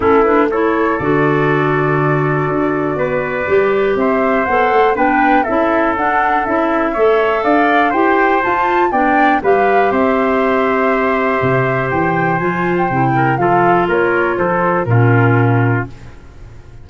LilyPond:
<<
  \new Staff \with { instrumentName = "flute" } { \time 4/4 \tempo 4 = 121 a'8 b'8 cis''4 d''2~ | d''1 | e''4 fis''4 g''4 e''4 | fis''4 e''2 f''4 |
g''4 a''4 g''4 f''4 | e''1 | g''4 gis''8. g''4~ g''16 f''4 | cis''4 c''4 ais'2 | }
  \new Staff \with { instrumentName = "trumpet" } { \time 4/4 e'4 a'2.~ | a'2 b'2 | c''2 b'4 a'4~ | a'2 cis''4 d''4 |
c''2 d''4 b'4 | c''1~ | c''2~ c''8 ais'8 a'4 | ais'4 a'4 f'2 | }
  \new Staff \with { instrumentName = "clarinet" } { \time 4/4 cis'8 d'8 e'4 fis'2~ | fis'2. g'4~ | g'4 a'4 d'4 e'4 | d'4 e'4 a'2 |
g'4 f'4 d'4 g'4~ | g'1~ | g'4 f'4 e'4 f'4~ | f'2 cis'2 | }
  \new Staff \with { instrumentName = "tuba" } { \time 4/4 a2 d2~ | d4 d'4 b4 g4 | c'4 b8 a8 b4 cis'4 | d'4 cis'4 a4 d'4 |
e'4 f'4 b4 g4 | c'2. c4 | e4 f4 c4 f4 | ais4 f4 ais,2 | }
>>